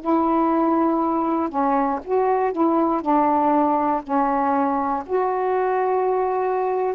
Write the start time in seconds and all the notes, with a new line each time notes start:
0.00 E4
1.49 C#4
2.04 F#4
2.52 E4
3.01 D4
4.02 C#4
5.06 F#4